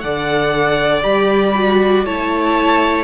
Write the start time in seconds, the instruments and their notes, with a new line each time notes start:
0.00 cello D3, viola A4, violin D5 F#5
1.02 cello G3, viola G4, violin B5
1.55 viola F#4
2.05 cello A3, viola E4, violin C#5 A5